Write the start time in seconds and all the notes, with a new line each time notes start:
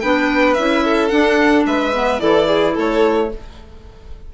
0.00 B3 D4 B4 G5
0.54 C#4 E4 E5
0.84 A4
1.08 D4 F#5
1.66 G#3 B4 E5
1.93 B3
2.19 E3 E4 A4 D5
2.48 G#4
2.74 A3 A4 C#5